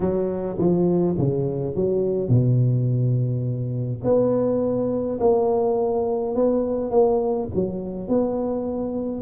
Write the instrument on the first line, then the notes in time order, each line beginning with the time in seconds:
tuba
0.00 F#3
0.58 F3
1.18 C#3
1.75 F#3
2.28 B2
4.04 B3
5.20 A#3
6.35 B3
6.90 A#3
7.54 F#3
8.08 B3